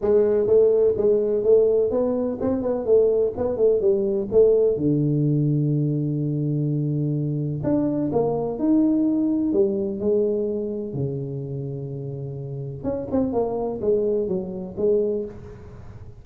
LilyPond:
\new Staff \with { instrumentName = "tuba" } { \time 4/4 \tempo 4 = 126 gis4 a4 gis4 a4 | b4 c'8 b8 a4 b8 a8 | g4 a4 d2~ | d1 |
d'4 ais4 dis'2 | g4 gis2 cis4~ | cis2. cis'8 c'8 | ais4 gis4 fis4 gis4 | }